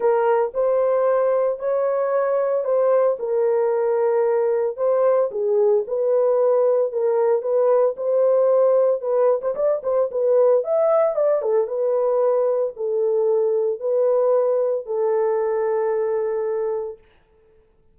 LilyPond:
\new Staff \with { instrumentName = "horn" } { \time 4/4 \tempo 4 = 113 ais'4 c''2 cis''4~ | cis''4 c''4 ais'2~ | ais'4 c''4 gis'4 b'4~ | b'4 ais'4 b'4 c''4~ |
c''4 b'8. c''16 d''8 c''8 b'4 | e''4 d''8 a'8 b'2 | a'2 b'2 | a'1 | }